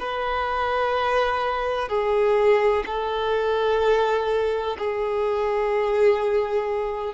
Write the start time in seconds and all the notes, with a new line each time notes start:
0.00 B4
1.89 G#4
2.87 A4
4.79 G#4